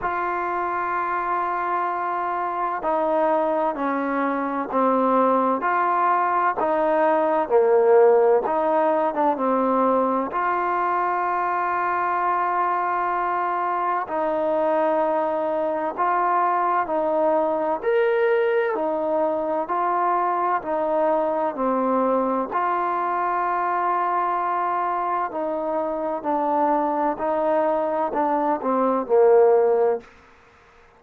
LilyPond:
\new Staff \with { instrumentName = "trombone" } { \time 4/4 \tempo 4 = 64 f'2. dis'4 | cis'4 c'4 f'4 dis'4 | ais4 dis'8. d'16 c'4 f'4~ | f'2. dis'4~ |
dis'4 f'4 dis'4 ais'4 | dis'4 f'4 dis'4 c'4 | f'2. dis'4 | d'4 dis'4 d'8 c'8 ais4 | }